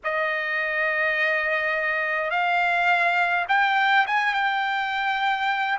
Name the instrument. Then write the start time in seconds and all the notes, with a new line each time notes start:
trumpet
0.04 D#5
2.30 F5
3.48 G5
4.06 G#5
4.33 G5